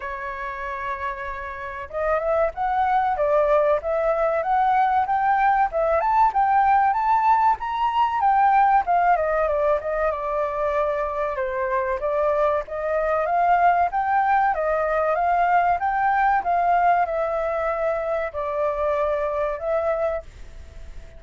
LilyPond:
\new Staff \with { instrumentName = "flute" } { \time 4/4 \tempo 4 = 95 cis''2. dis''8 e''8 | fis''4 d''4 e''4 fis''4 | g''4 e''8 a''8 g''4 a''4 | ais''4 g''4 f''8 dis''8 d''8 dis''8 |
d''2 c''4 d''4 | dis''4 f''4 g''4 dis''4 | f''4 g''4 f''4 e''4~ | e''4 d''2 e''4 | }